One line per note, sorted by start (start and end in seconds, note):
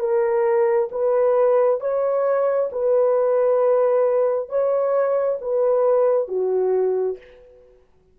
0.00 0.90 A#4
0.92 1.81 B4
1.81 2.71 C#5
2.72 4.50 B4
4.50 5.39 C#5
5.42 6.28 B4
6.28 7.18 F#4